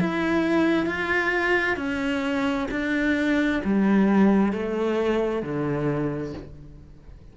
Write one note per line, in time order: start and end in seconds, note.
0.00 0.86 E4
0.86 1.76 F4
1.76 2.67 C#4
2.71 3.62 D4
3.64 4.52 G3
4.52 5.42 A3
5.42 6.33 D3